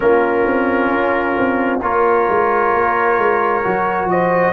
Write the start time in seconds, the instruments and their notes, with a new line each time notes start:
0.00 tuba A#3, trombone C#4, horn F4, trumpet A#4
0.46 tuba C4
0.90 tuba C#4
1.36 tuba C4
1.82 tuba A#3, trombone F4, horn A#4, trumpet C#5
2.29 tuba G#3
2.74 tuba A#3
3.18 tuba G#3
3.63 tuba F#3, trombone F#4
4.05 tuba F3, horn C5, trumpet D#5